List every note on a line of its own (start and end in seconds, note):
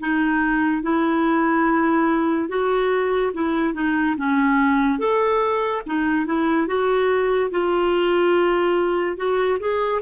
0.00 0.83 D#4
0.83 2.48 E4
2.48 3.32 F#4
3.34 3.74 E4
3.74 4.16 D#4
4.17 4.99 C#4
4.99 5.82 A4
5.86 6.26 D#4
6.26 6.67 E4
6.67 7.50 F#4
7.51 9.17 F4
9.17 9.59 F#4
9.59 10.01 G#4